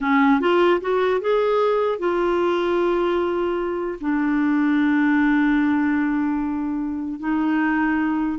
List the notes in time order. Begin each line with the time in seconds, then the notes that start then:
0.01 C#4
0.40 F4
0.80 F#4
1.21 G#4
1.98 F4
4.00 D4
7.19 D#4